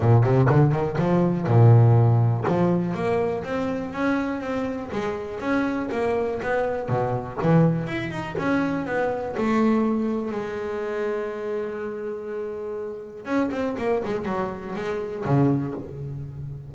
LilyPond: \new Staff \with { instrumentName = "double bass" } { \time 4/4 \tempo 4 = 122 ais,8 c8 d8 dis8 f4 ais,4~ | ais,4 f4 ais4 c'4 | cis'4 c'4 gis4 cis'4 | ais4 b4 b,4 e4 |
e'8 dis'8 cis'4 b4 a4~ | a4 gis2.~ | gis2. cis'8 c'8 | ais8 gis8 fis4 gis4 cis4 | }